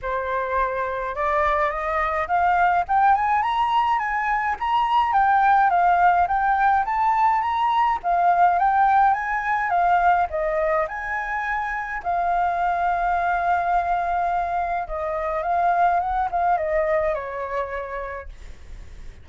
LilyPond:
\new Staff \with { instrumentName = "flute" } { \time 4/4 \tempo 4 = 105 c''2 d''4 dis''4 | f''4 g''8 gis''8 ais''4 gis''4 | ais''4 g''4 f''4 g''4 | a''4 ais''4 f''4 g''4 |
gis''4 f''4 dis''4 gis''4~ | gis''4 f''2.~ | f''2 dis''4 f''4 | fis''8 f''8 dis''4 cis''2 | }